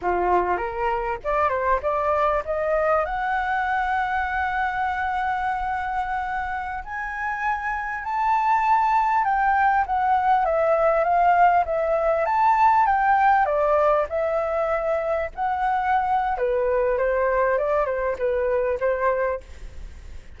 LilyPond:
\new Staff \with { instrumentName = "flute" } { \time 4/4 \tempo 4 = 99 f'4 ais'4 d''8 c''8 d''4 | dis''4 fis''2.~ | fis''2.~ fis''16 gis''8.~ | gis''4~ gis''16 a''2 g''8.~ |
g''16 fis''4 e''4 f''4 e''8.~ | e''16 a''4 g''4 d''4 e''8.~ | e''4~ e''16 fis''4.~ fis''16 b'4 | c''4 d''8 c''8 b'4 c''4 | }